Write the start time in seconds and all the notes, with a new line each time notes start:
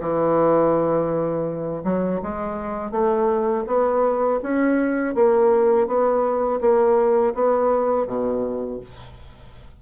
0.00 E3
1.84 F#3
2.23 G#3
2.91 A3
3.67 B3
4.43 C#4
5.15 A#3
5.87 B3
6.61 A#3
7.34 B3
8.07 B2